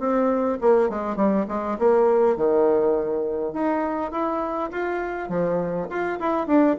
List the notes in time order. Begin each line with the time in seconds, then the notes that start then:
0.00 C4
0.62 A#3
0.90 G#3
1.17 G3
1.49 G#3
1.79 A#3
2.37 D#3
3.54 D#4
4.12 E4
4.72 F4
5.29 F3
5.90 F4
6.20 E4
6.48 D4